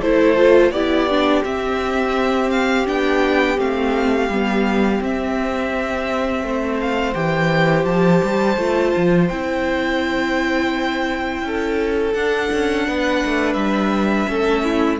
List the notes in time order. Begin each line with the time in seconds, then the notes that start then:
0.00 A3 E4 A4 C5
0.36 F4
0.70 B3 E4 G4 D5
1.09 D4
1.44 C4 E5
2.50 F5
2.85 B3 D4 G5
3.57 A3 C4 F5
4.28 G3 B3
5.00 C4 E5
6.42 A3 C5
6.80 F5
7.14 E3 G4 G5
7.85 F3 A5
8.23 G3
8.57 A3 F4
8.96 F3
9.28 C4 E4 G5
11.42 C#4 A4
12.13 D4 F#5
12.52 C#4
12.87 B3 B4
13.24 A3
13.53 G3 E5
14.27 A3 C#4 A4
14.64 E4